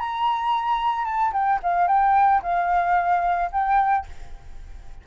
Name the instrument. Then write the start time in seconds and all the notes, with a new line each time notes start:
flute
0.00 A#5
1.05 A5
1.33 G5
1.63 F5
1.88 G5
2.43 F5
3.52 G5